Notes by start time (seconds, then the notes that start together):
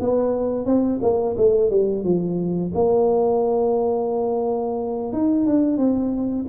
0.00 B3
0.66 C4
1.02 A#3
1.38 A3
1.70 G3
2.04 F3
2.75 A#3
5.13 D#4
5.47 D4
5.78 C4